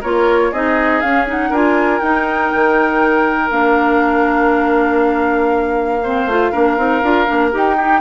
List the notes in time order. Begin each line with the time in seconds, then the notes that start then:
0.00 A#3 F4 A#4 C#5
0.51 C4 D#4 G#4 D#5
1.00 C#4 F5
1.27 D#4 F#5
1.49 D4 F4 A#4 G#5
1.99 D#4 G5
2.54 D#3
3.50 A#3 D4 F5
6.03 C4 C5
6.26 A3 F4
6.51 A#3 D4 A#4
6.77 C4 D#4
7.02 D4 F4
7.26 A#3 D4
7.51 D#4 G4 G5
7.76 D#4 G4